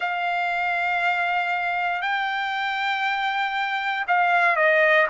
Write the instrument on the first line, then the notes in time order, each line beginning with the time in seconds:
trumpet
0.00 F5
2.01 G5
4.07 F5
4.56 D#5